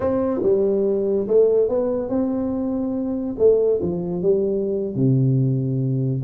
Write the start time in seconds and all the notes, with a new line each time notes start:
0.00 C4
0.42 G3
1.27 A3
1.68 B3
2.09 C4
3.38 A3
3.81 F3
4.22 G3
4.95 C3